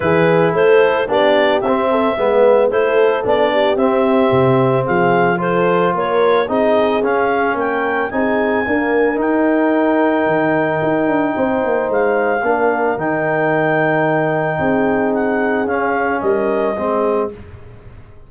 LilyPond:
<<
  \new Staff \with { instrumentName = "clarinet" } { \time 4/4 \tempo 4 = 111 b'4 c''4 d''4 e''4~ | e''4 c''4 d''4 e''4~ | e''4 f''4 c''4 cis''4 | dis''4 f''4 g''4 gis''4~ |
gis''4 g''2.~ | g''2 f''2 | g''1 | fis''4 f''4 dis''2 | }
  \new Staff \with { instrumentName = "horn" } { \time 4/4 gis'4 a'4 g'4. a'8 | b'4 a'4. g'4.~ | g'4 gis'4 a'4 ais'4 | gis'2 ais'4 gis'4 |
ais'1~ | ais'4 c''2 ais'4~ | ais'2. gis'4~ | gis'2 ais'4 gis'4 | }
  \new Staff \with { instrumentName = "trombone" } { \time 4/4 e'2 d'4 c'4 | b4 e'4 d'4 c'4~ | c'2 f'2 | dis'4 cis'2 dis'4 |
ais4 dis'2.~ | dis'2. d'4 | dis'1~ | dis'4 cis'2 c'4 | }
  \new Staff \with { instrumentName = "tuba" } { \time 4/4 e4 a4 b4 c'4 | gis4 a4 b4 c'4 | c4 f2 ais4 | c'4 cis'4 ais4 c'4 |
d'4 dis'2 dis4 | dis'8 d'8 c'8 ais8 gis4 ais4 | dis2. c'4~ | c'4 cis'4 g4 gis4 | }
>>